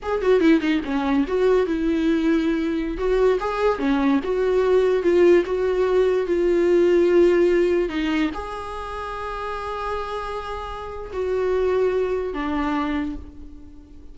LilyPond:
\new Staff \with { instrumentName = "viola" } { \time 4/4 \tempo 4 = 146 gis'8 fis'8 e'8 dis'8 cis'4 fis'4 | e'2.~ e'16 fis'8.~ | fis'16 gis'4 cis'4 fis'4.~ fis'16~ | fis'16 f'4 fis'2 f'8.~ |
f'2.~ f'16 dis'8.~ | dis'16 gis'2.~ gis'8.~ | gis'2. fis'4~ | fis'2 d'2 | }